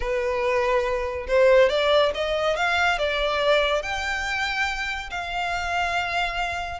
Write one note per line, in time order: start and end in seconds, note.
0.00 1.26 B4
1.27 1.69 C5
1.69 2.11 D5
2.14 2.56 D#5
2.56 2.98 F5
2.98 3.82 D5
3.82 5.09 G5
5.10 6.80 F5